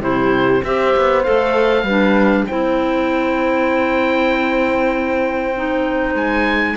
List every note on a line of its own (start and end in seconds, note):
0.00 0.61 C3
0.00 0.61 E4
0.00 0.64 G4
0.00 0.64 C5
0.64 0.95 C4
0.64 1.23 G4
0.64 1.85 C5
0.64 1.23 E5
0.96 1.27 B3
1.23 1.83 A3
1.23 1.85 A4
1.23 2.45 F5
1.83 2.44 G3
1.83 2.46 B4
1.89 2.48 D4
2.46 6.14 C4
2.46 5.55 E4
2.46 6.76 C5
2.46 6.13 G5
5.55 6.77 D#4
6.14 6.75 G#3
6.14 6.77 G#5